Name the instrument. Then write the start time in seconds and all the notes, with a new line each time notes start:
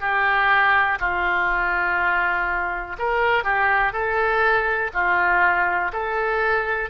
oboe
0.00 G4
1.00 F4
2.98 A#4
3.43 G4
3.93 A4
4.93 F4
5.92 A4